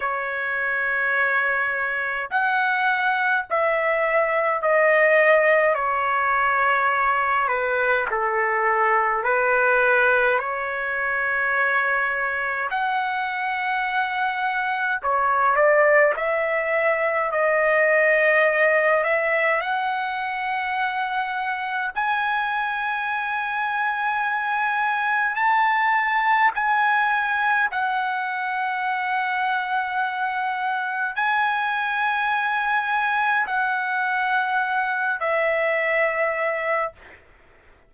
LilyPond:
\new Staff \with { instrumentName = "trumpet" } { \time 4/4 \tempo 4 = 52 cis''2 fis''4 e''4 | dis''4 cis''4. b'8 a'4 | b'4 cis''2 fis''4~ | fis''4 cis''8 d''8 e''4 dis''4~ |
dis''8 e''8 fis''2 gis''4~ | gis''2 a''4 gis''4 | fis''2. gis''4~ | gis''4 fis''4. e''4. | }